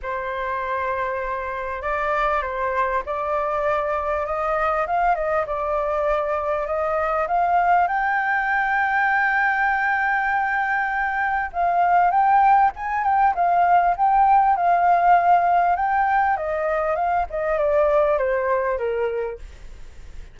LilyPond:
\new Staff \with { instrumentName = "flute" } { \time 4/4 \tempo 4 = 99 c''2. d''4 | c''4 d''2 dis''4 | f''8 dis''8 d''2 dis''4 | f''4 g''2.~ |
g''2. f''4 | g''4 gis''8 g''8 f''4 g''4 | f''2 g''4 dis''4 | f''8 dis''8 d''4 c''4 ais'4 | }